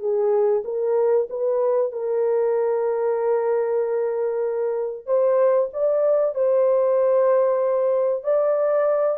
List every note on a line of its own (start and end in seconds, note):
0.00 0.63 G#4
0.65 1.28 A#4
1.30 1.92 B4
1.92 5.06 A#4
5.06 5.69 C5
5.74 6.35 D5
6.35 8.24 C5
8.24 9.19 D5